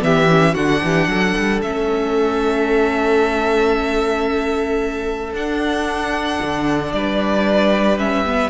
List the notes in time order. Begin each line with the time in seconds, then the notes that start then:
0.00 E3 B3 G4 E5
0.29 C#4
0.53 D3 D4 F#4 F#5
0.83 E3 G4
1.07 F#3 A4
1.37 G3
1.61 A3 C#4 E5
5.33 D4 F#5
6.42 D3
6.92 G3 B4 D5
7.98 C#4 E5
8.26 B3